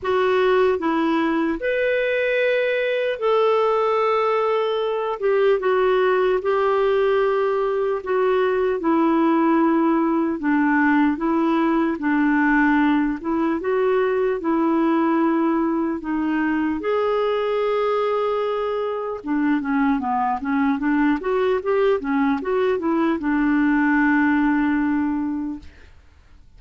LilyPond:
\new Staff \with { instrumentName = "clarinet" } { \time 4/4 \tempo 4 = 75 fis'4 e'4 b'2 | a'2~ a'8 g'8 fis'4 | g'2 fis'4 e'4~ | e'4 d'4 e'4 d'4~ |
d'8 e'8 fis'4 e'2 | dis'4 gis'2. | d'8 cis'8 b8 cis'8 d'8 fis'8 g'8 cis'8 | fis'8 e'8 d'2. | }